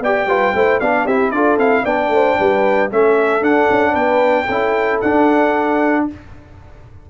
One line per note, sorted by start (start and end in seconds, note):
0.00 0.26 B3
0.00 0.28 G4
0.00 0.28 D5
0.00 0.80 G5
0.27 0.53 G3
0.27 0.55 F4
0.27 0.55 B4
0.54 0.80 A3
0.54 0.81 E4
0.54 0.81 C5
0.80 1.06 B3
0.80 1.09 D4
0.80 1.05 D5
0.80 1.06 F5
1.05 1.31 C4
1.05 1.34 E4
1.05 1.32 G4
1.05 1.31 E5
1.31 1.58 D4
1.31 1.59 F4
1.31 1.84 A4
1.31 1.57 D5
1.58 1.84 C4
1.58 1.85 E4
1.58 1.85 F5
1.84 2.08 B3
1.84 2.90 D4
1.84 2.10 D5
1.84 2.90 G5
2.08 2.35 A3
2.08 2.39 C5
2.39 2.92 G3
2.39 2.92 B4
2.91 3.41 A3
2.91 3.41 C#4
2.91 3.92 A4
2.91 3.44 E5
3.41 4.46 D4
3.41 3.68 D4
3.41 3.95 F#5
3.70 3.94 C#4
3.92 4.47 B3
3.92 4.45 B4
3.92 5.00 G5
4.46 5.01 C#4
4.46 5.04 E4
4.46 6.03 A4
5.01 6.08 D4
5.01 6.10 D4
5.01 6.06 F#5